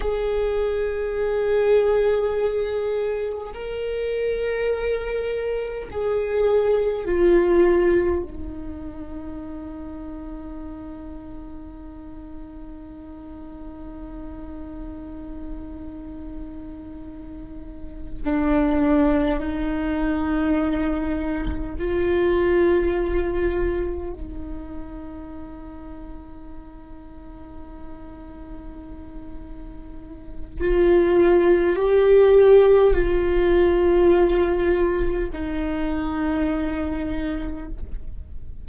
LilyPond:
\new Staff \with { instrumentName = "viola" } { \time 4/4 \tempo 4 = 51 gis'2. ais'4~ | ais'4 gis'4 f'4 dis'4~ | dis'1~ | dis'2.~ dis'8 d'8~ |
d'8 dis'2 f'4.~ | f'8 dis'2.~ dis'8~ | dis'2 f'4 g'4 | f'2 dis'2 | }